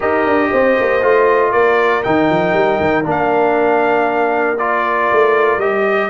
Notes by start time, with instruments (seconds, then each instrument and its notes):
0.00 tuba D#4, trombone G4, horn A#4, trumpet D#5
0.25 tuba D4
0.51 tuba C4, horn C5
0.79 tuba A#3
1.01 tuba A3, trombone F4
1.51 tuba A#3, horn A#4, trumpet D5
2.03 tuba D#3, trombone D#4, trumpet G5
2.30 tuba F3
2.53 tuba G3
2.80 tuba D#3
3.04 tuba A#3, trombone D4
3.10 trumpet F5
4.58 trombone F4, trumpet D5
5.12 tuba A3
5.57 tuba G3, trombone G4, trumpet D#5